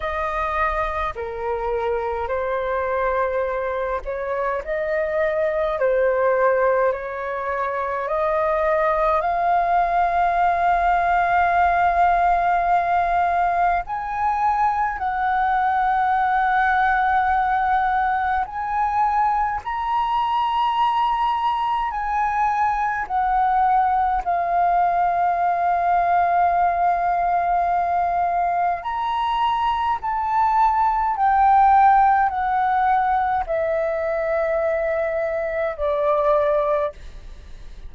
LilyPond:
\new Staff \with { instrumentName = "flute" } { \time 4/4 \tempo 4 = 52 dis''4 ais'4 c''4. cis''8 | dis''4 c''4 cis''4 dis''4 | f''1 | gis''4 fis''2. |
gis''4 ais''2 gis''4 | fis''4 f''2.~ | f''4 ais''4 a''4 g''4 | fis''4 e''2 d''4 | }